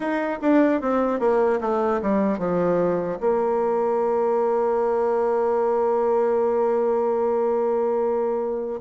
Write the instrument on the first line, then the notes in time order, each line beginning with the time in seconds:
bassoon
0.00 D#4
0.41 D4
0.81 C4
1.19 A#3
1.60 A3
2.01 G3
2.38 F3
3.20 A#3